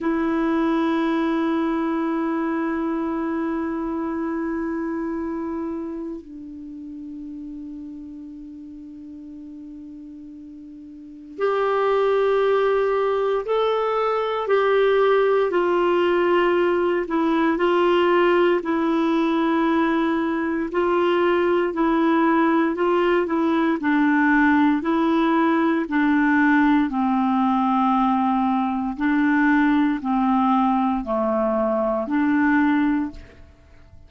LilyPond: \new Staff \with { instrumentName = "clarinet" } { \time 4/4 \tempo 4 = 58 e'1~ | e'2 d'2~ | d'2. g'4~ | g'4 a'4 g'4 f'4~ |
f'8 e'8 f'4 e'2 | f'4 e'4 f'8 e'8 d'4 | e'4 d'4 c'2 | d'4 c'4 a4 d'4 | }